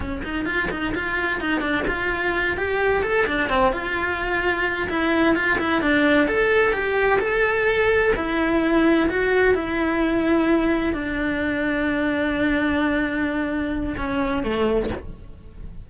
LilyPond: \new Staff \with { instrumentName = "cello" } { \time 4/4 \tempo 4 = 129 cis'8 dis'8 f'8 dis'8 f'4 dis'8 d'8 | f'4. g'4 a'8 d'8 c'8 | f'2~ f'8 e'4 f'8 | e'8 d'4 a'4 g'4 a'8~ |
a'4. e'2 fis'8~ | fis'8 e'2. d'8~ | d'1~ | d'2 cis'4 a4 | }